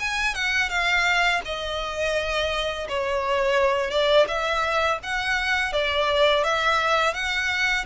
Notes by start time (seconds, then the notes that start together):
0.00 G#5
0.35 F#5
0.69 F5
1.45 D#5
2.89 C#5
3.91 D5
4.28 E5
5.03 F#5
5.73 D5
6.44 E5
7.14 F#5